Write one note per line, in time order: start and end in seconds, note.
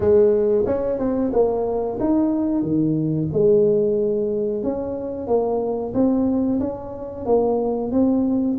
0.00 0.65 G#3
0.66 0.98 C#4
0.98 1.31 C4
1.32 1.98 A#3
2.00 2.62 D#4
2.62 3.28 D#3
3.32 4.63 G#3
4.63 5.27 C#4
5.27 5.93 A#3
5.93 6.59 C4
6.60 7.25 C#4
7.25 7.91 A#3
7.91 8.57 C4